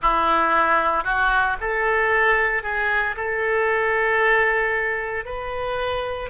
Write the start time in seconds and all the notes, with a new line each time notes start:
0.02 E4
1.04 F#4
1.60 A4
2.63 G#4
3.16 A4
5.25 B4